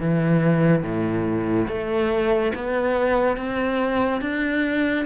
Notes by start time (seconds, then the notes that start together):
0.00 E3
0.83 A2
1.68 A3
2.55 B3
3.36 C4
4.21 D4